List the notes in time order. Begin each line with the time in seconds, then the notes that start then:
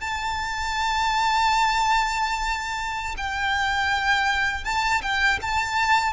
0.00 A5
3.17 G5
4.64 A5
5.02 G5
5.41 A5